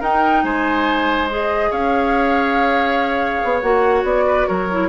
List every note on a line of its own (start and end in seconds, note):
0.00 0.43 D#4
0.00 1.29 D#4
0.00 0.43 A#4
0.00 0.44 G5
0.43 1.71 G#3
0.43 1.70 C5
0.43 1.29 G#5
1.30 3.62 G#4
1.30 1.72 D#5
1.70 3.42 C#4
1.70 4.26 C#5
1.70 3.61 F5
3.44 3.63 B3
3.61 4.03 A#3
3.61 4.69 F#4
3.61 4.04 F#5
4.03 4.46 B3
4.03 4.47 D5
4.26 4.47 B4
4.47 4.89 F#3
4.47 4.89 A#4
4.47 4.89 C#5
4.71 4.89 E4